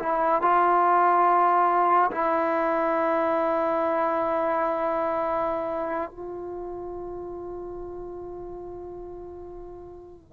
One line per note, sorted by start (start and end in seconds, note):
0.00 0.42 E4
0.42 2.11 F4
2.12 6.11 E4
6.11 10.33 F4